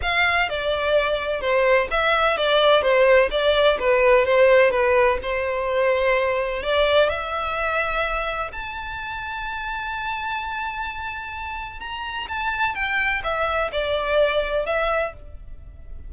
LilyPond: \new Staff \with { instrumentName = "violin" } { \time 4/4 \tempo 4 = 127 f''4 d''2 c''4 | e''4 d''4 c''4 d''4 | b'4 c''4 b'4 c''4~ | c''2 d''4 e''4~ |
e''2 a''2~ | a''1~ | a''4 ais''4 a''4 g''4 | e''4 d''2 e''4 | }